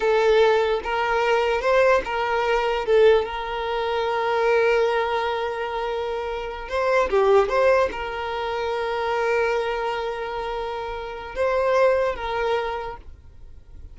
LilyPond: \new Staff \with { instrumentName = "violin" } { \time 4/4 \tempo 4 = 148 a'2 ais'2 | c''4 ais'2 a'4 | ais'1~ | ais'1~ |
ais'8 c''4 g'4 c''4 ais'8~ | ais'1~ | ais'1 | c''2 ais'2 | }